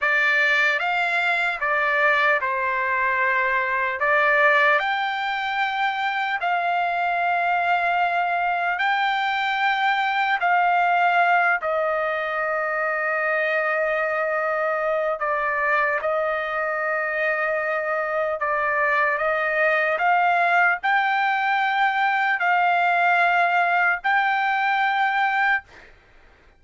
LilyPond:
\new Staff \with { instrumentName = "trumpet" } { \time 4/4 \tempo 4 = 75 d''4 f''4 d''4 c''4~ | c''4 d''4 g''2 | f''2. g''4~ | g''4 f''4. dis''4.~ |
dis''2. d''4 | dis''2. d''4 | dis''4 f''4 g''2 | f''2 g''2 | }